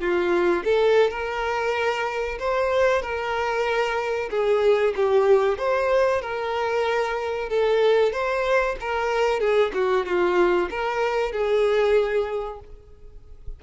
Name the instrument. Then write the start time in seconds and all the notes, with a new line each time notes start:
violin
0.00 F4
0.64 A4
1.11 A#4
2.39 C5
3.02 A#4
4.30 G#4
4.96 G4
5.58 C5
6.21 A#4
7.49 A4
8.12 C5
8.81 A#4
9.40 G#4
9.74 F#4
10.06 F4
10.70 A#4
11.32 G#4